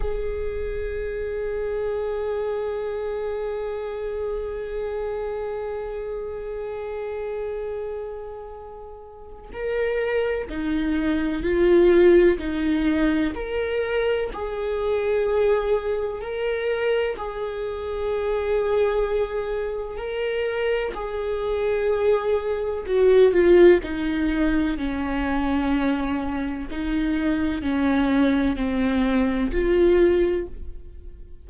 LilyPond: \new Staff \with { instrumentName = "viola" } { \time 4/4 \tempo 4 = 63 gis'1~ | gis'1~ | gis'2 ais'4 dis'4 | f'4 dis'4 ais'4 gis'4~ |
gis'4 ais'4 gis'2~ | gis'4 ais'4 gis'2 | fis'8 f'8 dis'4 cis'2 | dis'4 cis'4 c'4 f'4 | }